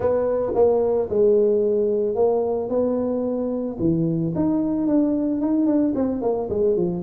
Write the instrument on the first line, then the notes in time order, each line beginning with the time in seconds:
tuba
0.00 B3
0.54 A#3
1.09 G#3
2.15 A#3
2.69 B3
3.79 E3
4.35 D#4
4.87 D4
5.41 D#4
5.66 D4
5.95 C4
6.21 A#3
6.49 G#3
6.76 F3